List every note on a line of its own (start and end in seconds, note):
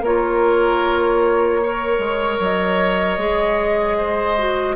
0.00 1.97 A#3
0.00 1.62 F4
0.00 1.60 A#4
0.00 2.42 C#5
1.62 3.18 A#4
1.62 3.97 C#5
1.98 2.37 G#3
2.39 3.17 F#3
2.39 4.75 D#5
3.17 4.75 G#3
3.17 4.37 G#4
3.97 4.75 C5
4.37 4.75 F#4